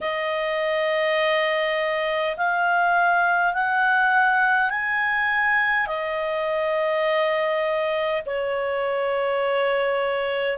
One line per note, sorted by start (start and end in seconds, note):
0.00 2.35 D#5
2.36 3.53 F5
3.53 4.70 F#5
4.70 5.86 G#5
5.86 8.21 D#5
8.26 10.57 C#5